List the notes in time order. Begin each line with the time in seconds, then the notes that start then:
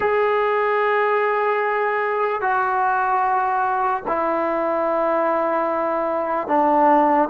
0.00 G#4
2.41 F#4
4.07 E4
6.47 D4